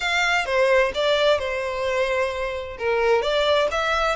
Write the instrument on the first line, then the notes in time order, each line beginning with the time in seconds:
violin
0.00 F5
0.45 C5
0.94 D5
1.38 C5
2.78 A#4
3.21 D5
3.71 E5